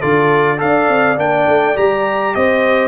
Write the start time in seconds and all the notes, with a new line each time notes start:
0.00 D3 F4 A4 D5
0.58 D4 A4 D5 F5
0.89 C4
1.17 A#3 D4 G5
1.47 A3
1.75 G3 G4 A#5
2.35 C4 C5 D#5